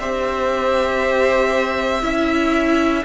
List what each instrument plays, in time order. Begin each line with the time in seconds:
0.00 cello C4, viola G4, violin C5 E5
2.02 cello C#4, viola E4, violin E5